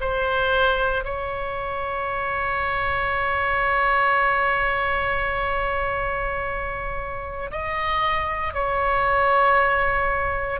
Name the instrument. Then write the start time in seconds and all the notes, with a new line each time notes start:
oboe
0.00 C5
1.04 C#5
7.51 D#5
8.53 C#5